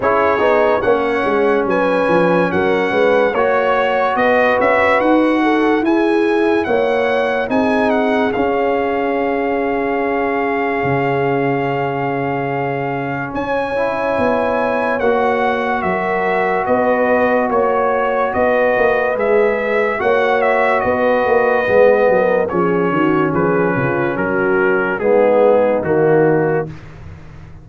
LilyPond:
<<
  \new Staff \with { instrumentName = "trumpet" } { \time 4/4 \tempo 4 = 72 cis''4 fis''4 gis''4 fis''4 | cis''4 dis''8 e''8 fis''4 gis''4 | fis''4 gis''8 fis''8 f''2~ | f''1 |
gis''2 fis''4 e''4 | dis''4 cis''4 dis''4 e''4 | fis''8 e''8 dis''2 cis''4 | b'4 ais'4 gis'4 fis'4 | }
  \new Staff \with { instrumentName = "horn" } { \time 4/4 gis'4 cis''4 b'4 ais'8 b'8 | cis''4 b'4. a'8 gis'4 | cis''4 gis'2.~ | gis'1 |
cis''2. ais'4 | b'4 cis''4 b'2 | cis''4 b'4. ais'8 gis'8 fis'8 | gis'8 f'8 fis'4 dis'2 | }
  \new Staff \with { instrumentName = "trombone" } { \time 4/4 e'8 dis'8 cis'2. | fis'2. e'4~ | e'4 dis'4 cis'2~ | cis'1~ |
cis'8 e'4. fis'2~ | fis'2. gis'4 | fis'2 b4 cis'4~ | cis'2 b4 ais4 | }
  \new Staff \with { instrumentName = "tuba" } { \time 4/4 cis'8 b8 ais8 gis8 fis8 f8 fis8 gis8 | ais4 b8 cis'8 dis'4 e'4 | ais4 c'4 cis'2~ | cis'4 cis2. |
cis'4 b4 ais4 fis4 | b4 ais4 b8 ais8 gis4 | ais4 b8 ais8 gis8 fis8 f8 dis8 | f8 cis8 fis4 gis4 dis4 | }
>>